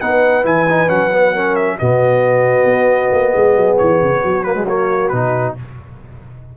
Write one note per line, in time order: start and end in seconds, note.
0.00 0.45 B3
0.00 0.44 D#4
0.00 1.33 B4
0.00 0.45 F#5
0.44 0.89 E3
0.44 0.66 E4
0.44 0.89 G#5
0.70 0.88 D#4
0.88 1.79 F#3
0.88 1.10 C#4
0.88 1.56 F#5
1.13 1.35 B3
1.34 1.79 C#4
1.34 1.78 A#4
1.56 1.78 E5
1.79 2.65 B2
1.79 4.45 B3
1.79 3.34 F#4
1.79 3.78 D#5
2.65 3.10 B3
3.12 3.34 A#3
3.34 3.56 G#3
3.34 4.22 G#4
3.56 3.78 F#3
3.78 4.02 E3
3.78 4.44 C#5
4.02 4.25 C#3
4.22 5.13 F#3
4.22 5.55 F#4
4.44 4.55 A#3
4.44 4.66 B4
4.55 4.66 G#3
4.68 5.13 A#3
4.68 5.09 C#5
5.09 5.57 B2
5.09 5.57 D#4
5.09 5.54 B4